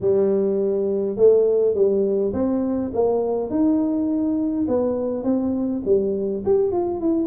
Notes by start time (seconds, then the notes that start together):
0.01 G3
1.16 A3
1.74 G3
2.33 C4
2.93 A#3
3.50 D#4
4.68 B3
5.23 C4
5.85 G3
6.45 G4
6.72 F4
7.00 E4